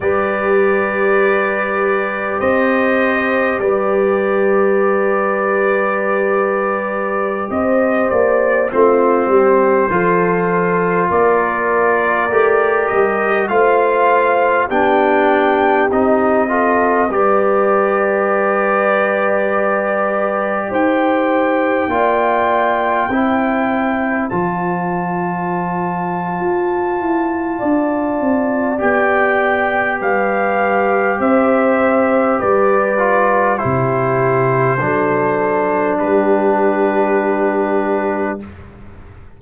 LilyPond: <<
  \new Staff \with { instrumentName = "trumpet" } { \time 4/4 \tempo 4 = 50 d''2 dis''4 d''4~ | d''2~ d''16 dis''8 d''8 c''8.~ | c''4~ c''16 d''4. dis''8 f''8.~ | f''16 g''4 dis''4 d''4.~ d''16~ |
d''4~ d''16 g''2~ g''8.~ | g''16 a''2.~ a''8. | g''4 f''4 e''4 d''4 | c''2 b'2 | }
  \new Staff \with { instrumentName = "horn" } { \time 4/4 b'2 c''4 b'4~ | b'2~ b'16 c''4 f'8 g'16~ | g'16 a'4 ais'2 c''8.~ | c''16 g'4. a'8 b'4.~ b'16~ |
b'4~ b'16 c''4 d''4 c''8.~ | c''2. d''4~ | d''4 b'4 c''4 b'4 | g'4 a'4 g'2 | }
  \new Staff \with { instrumentName = "trombone" } { \time 4/4 g'1~ | g'2.~ g'16 c'8.~ | c'16 f'2 g'4 f'8.~ | f'16 d'4 dis'8 f'8 g'4.~ g'16~ |
g'2~ g'16 f'4 e'8.~ | e'16 f'2.~ f'8. | g'2.~ g'8 f'8 | e'4 d'2. | }
  \new Staff \with { instrumentName = "tuba" } { \time 4/4 g2 c'4 g4~ | g2~ g16 c'8 ais8 a8 g16~ | g16 f4 ais4 a8 g8 a8.~ | a16 b4 c'4 g4.~ g16~ |
g4~ g16 dis'4 ais4 c'8.~ | c'16 f4.~ f16 f'8 e'8 d'8 c'8 | b4 g4 c'4 g4 | c4 fis4 g2 | }
>>